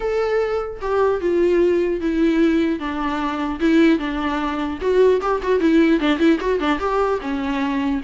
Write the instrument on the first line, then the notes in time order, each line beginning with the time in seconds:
viola
0.00 A4
0.81 G4
1.21 F4
2.00 E4
2.79 D4
3.59 E4
3.99 D4
4.80 F#4
5.21 G4
5.42 F#4
5.60 E4
6.00 D4
6.19 E4
6.40 F#4
6.59 D4
6.79 G4
7.21 C#4